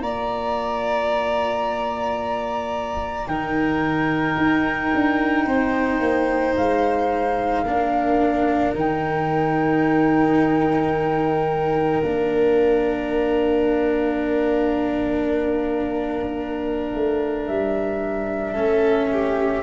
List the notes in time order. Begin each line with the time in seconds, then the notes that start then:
0.00 A#3 F4 D5 A#5
3.27 D#3 D#4 A#4 G5
4.37 D#4
4.94 D4
5.46 C4 C5
6.00 A#3
6.56 G#3 F5
7.63 A#3 D4 A#4
8.75 D#3 D#4 G5
12.03 A#3 D4 F5
16.94 A3
17.46 G3 E5
18.52 A3 C#4 A4
19.12 G4